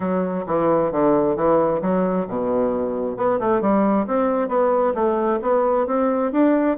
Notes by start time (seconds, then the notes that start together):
0.00 F#3
0.46 E3
0.91 D3
1.36 E3
1.81 F#3
2.27 B2
3.16 B3
3.39 A3
3.61 G3
4.06 C4
4.48 B3
4.94 A3
5.41 B3
5.86 C4
6.32 D4